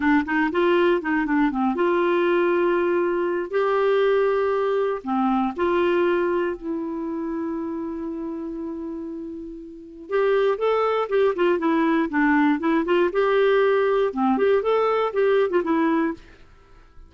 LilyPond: \new Staff \with { instrumentName = "clarinet" } { \time 4/4 \tempo 4 = 119 d'8 dis'8 f'4 dis'8 d'8 c'8 f'8~ | f'2. g'4~ | g'2 c'4 f'4~ | f'4 e'2.~ |
e'1 | g'4 a'4 g'8 f'8 e'4 | d'4 e'8 f'8 g'2 | c'8 g'8 a'4 g'8. f'16 e'4 | }